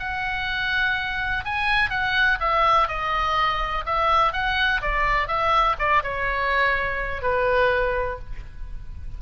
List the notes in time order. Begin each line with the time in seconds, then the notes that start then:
0.00 F#5
1.45 G#5
1.91 F#5
2.40 E5
2.89 D#5
3.86 E5
4.34 F#5
4.82 D5
5.28 E5
5.79 D5
6.04 C#5
7.23 B4